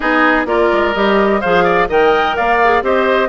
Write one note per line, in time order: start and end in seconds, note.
0.00 0.45 B3
0.00 0.46 D#4
0.00 0.46 G#4
0.00 0.46 D#5
0.45 0.69 A#3
0.45 0.93 F4
0.45 1.40 A#4
0.45 0.93 D5
0.72 0.95 G#3
0.93 1.42 G3
0.93 1.42 G4
0.93 1.40 D#5
1.40 1.89 F3
1.40 1.88 G#4
1.40 1.64 C5
1.40 1.88 F5
1.64 1.87 D5
1.88 2.36 D#3
1.88 2.59 A#4
1.88 2.36 D#5
1.88 2.36 G5
2.36 2.82 A#3
2.36 2.83 D5
2.36 2.83 F5
2.64 2.82 G#4
2.82 3.28 C4
2.82 3.28 G4
2.82 3.28 C5
2.82 3.28 D#5